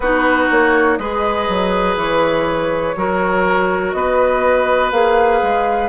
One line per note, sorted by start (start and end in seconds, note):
0.00 0.47 B3
0.00 0.99 D#4
0.00 0.99 F#4
0.00 0.49 B4
0.50 0.98 A#3
0.50 0.97 C#5
0.97 1.47 G#3
0.97 2.96 G#4
0.97 2.96 B4
0.97 1.95 D#5
1.48 1.96 F#3
1.96 2.94 E3
1.96 3.92 C#5
2.96 3.93 F#3
2.96 4.92 F#4
2.96 3.95 A#4
3.92 4.91 B3
3.92 5.88 B4
3.92 4.90 D#5
4.91 5.41 A#3
4.91 5.88 G#4
4.91 5.88 F5
5.42 5.88 G#3